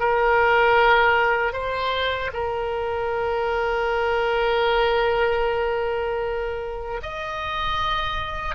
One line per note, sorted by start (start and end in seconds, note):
0.00 1.53 A#4
1.53 2.31 C5
2.34 7.01 A#4
7.03 8.56 D#5